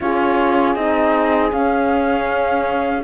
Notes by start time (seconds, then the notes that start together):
0.00 C#4 F4 G#4 C#5
0.75 C4 D#4 D#5
1.50 C#4 F5